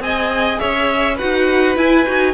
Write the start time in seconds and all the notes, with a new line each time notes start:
0.00 C4 G#4 D#5 G#5
0.59 C#4 C#5 E5
1.16 F#4 B4 F#5
1.22 D#4
1.76 E4 G#5
2.06 D#4 F#4